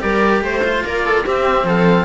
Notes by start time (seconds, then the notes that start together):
0.00 G3 G4 A#4 D5
0.41 A3 C5
0.63 F4
0.84 A#3 A#4 D5
1.05 A4
1.25 C4 G4 E5
1.63 F3 A4 F5